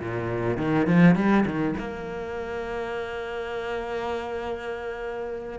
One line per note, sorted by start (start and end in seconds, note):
0.00 0.57 A#2
0.57 0.86 D#3
0.86 1.15 F3
1.15 1.45 G3
1.45 1.75 D#3
1.78 5.59 A#3